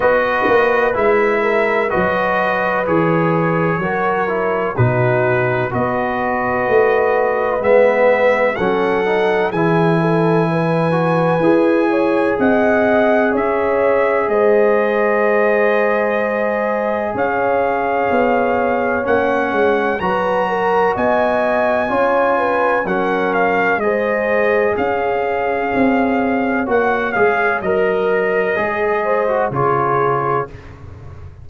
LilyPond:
<<
  \new Staff \with { instrumentName = "trumpet" } { \time 4/4 \tempo 4 = 63 dis''4 e''4 dis''4 cis''4~ | cis''4 b'4 dis''2 | e''4 fis''4 gis''2~ | gis''4 fis''4 e''4 dis''4~ |
dis''2 f''2 | fis''4 ais''4 gis''2 | fis''8 f''8 dis''4 f''2 | fis''8 f''8 dis''2 cis''4 | }
  \new Staff \with { instrumentName = "horn" } { \time 4/4 b'4. ais'8 b'2 | ais'4 fis'4 b'2~ | b'4 a'4 gis'8 a'8 b'4~ | b'8 cis''8 dis''4 cis''4 c''4~ |
c''2 cis''2~ | cis''4 b'8 ais'8 dis''4 cis''8 b'8 | ais'4 c''4 cis''2~ | cis''2~ cis''8 c''8 gis'4 | }
  \new Staff \with { instrumentName = "trombone" } { \time 4/4 fis'4 e'4 fis'4 gis'4 | fis'8 e'8 dis'4 fis'2 | b4 cis'8 dis'8 e'4. fis'8 | gis'1~ |
gis'1 | cis'4 fis'2 f'4 | cis'4 gis'2. | fis'8 gis'8 ais'4 gis'8. fis'16 f'4 | }
  \new Staff \with { instrumentName = "tuba" } { \time 4/4 b8 ais8 gis4 fis4 e4 | fis4 b,4 b4 a4 | gis4 fis4 e2 | e'4 c'4 cis'4 gis4~ |
gis2 cis'4 b4 | ais8 gis8 fis4 b4 cis'4 | fis4 gis4 cis'4 c'4 | ais8 gis8 fis4 gis4 cis4 | }
>>